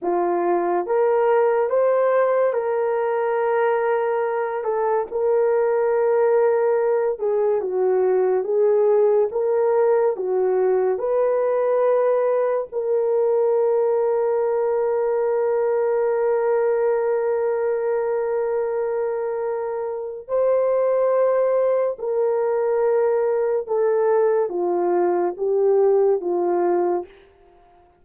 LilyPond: \new Staff \with { instrumentName = "horn" } { \time 4/4 \tempo 4 = 71 f'4 ais'4 c''4 ais'4~ | ais'4. a'8 ais'2~ | ais'8 gis'8 fis'4 gis'4 ais'4 | fis'4 b'2 ais'4~ |
ais'1~ | ais'1 | c''2 ais'2 | a'4 f'4 g'4 f'4 | }